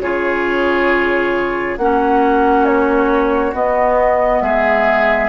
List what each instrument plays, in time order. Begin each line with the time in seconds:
0.00 bassoon C#3, clarinet F4, oboe G#4, flute C#5
1.77 bassoon A#3, clarinet C#4, oboe F#4, flute F#5
2.65 flute C#5
3.53 bassoon B3, clarinet B3, flute D#5
4.41 bassoon G#3, oboe G#4, flute E5